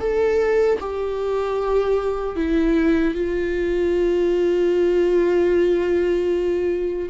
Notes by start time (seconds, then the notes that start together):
0.00 A4
0.80 G4
2.36 E4
3.15 F4